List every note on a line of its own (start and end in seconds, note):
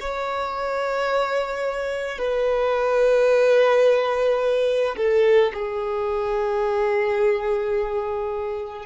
0.00 2.18 C#5
2.18 4.95 B4
4.96 5.52 A4
5.53 8.85 G#4